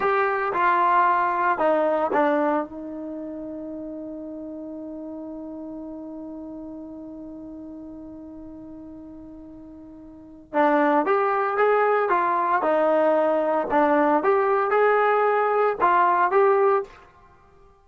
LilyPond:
\new Staff \with { instrumentName = "trombone" } { \time 4/4 \tempo 4 = 114 g'4 f'2 dis'4 | d'4 dis'2.~ | dis'1~ | dis'1~ |
dis'1 | d'4 g'4 gis'4 f'4 | dis'2 d'4 g'4 | gis'2 f'4 g'4 | }